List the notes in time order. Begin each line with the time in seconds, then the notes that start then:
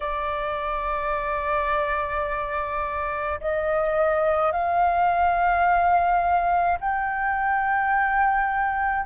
0.00 D5
3.40 D#5
4.51 F5
6.80 G5